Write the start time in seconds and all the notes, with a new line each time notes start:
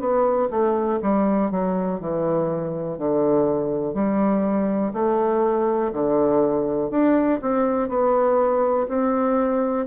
0.00 B3
0.51 A3
1.02 G3
1.51 F#3
2.00 E3
2.98 D3
3.94 G3
4.94 A3
5.93 D3
6.91 D4
7.42 C4
7.89 B3
8.89 C4